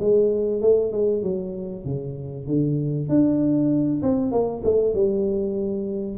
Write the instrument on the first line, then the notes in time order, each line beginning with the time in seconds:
tuba
0.00 G#3
0.61 A3
0.92 G#3
1.23 F#3
1.85 C#3
2.47 D3
3.09 D4
4.02 C4
4.32 A#3
4.64 A3
4.94 G3